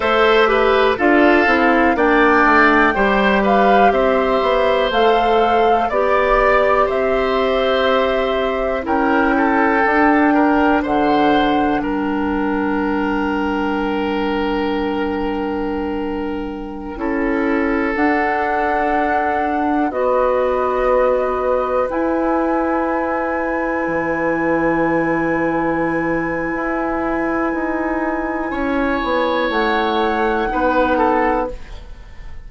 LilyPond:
<<
  \new Staff \with { instrumentName = "flute" } { \time 4/4 \tempo 4 = 61 e''4 f''4 g''4. f''8 | e''4 f''4 d''4 e''4~ | e''4 g''2 fis''4 | g''1~ |
g''2~ g''16 fis''4.~ fis''16~ | fis''16 dis''2 gis''4.~ gis''16~ | gis''1~ | gis''2 fis''2 | }
  \new Staff \with { instrumentName = "oboe" } { \time 4/4 c''8 b'8 a'4 d''4 c''8 b'8 | c''2 d''4 c''4~ | c''4 ais'8 a'4 ais'8 c''4 | ais'1~ |
ais'4~ ais'16 a'2~ a'8.~ | a'16 b'2.~ b'8.~ | b'1~ | b'4 cis''2 b'8 a'8 | }
  \new Staff \with { instrumentName = "clarinet" } { \time 4/4 a'8 g'8 f'8 e'8 d'4 g'4~ | g'4 a'4 g'2~ | g'4 e'4 d'2~ | d'1~ |
d'4~ d'16 e'4 d'4.~ d'16~ | d'16 fis'2 e'4.~ e'16~ | e'1~ | e'2. dis'4 | }
  \new Staff \with { instrumentName = "bassoon" } { \time 4/4 a4 d'8 c'8 ais8 a8 g4 | c'8 b8 a4 b4 c'4~ | c'4 cis'4 d'4 d4 | g1~ |
g4~ g16 cis'4 d'4.~ d'16~ | d'16 b2 e'4.~ e'16~ | e'16 e2~ e8. e'4 | dis'4 cis'8 b8 a4 b4 | }
>>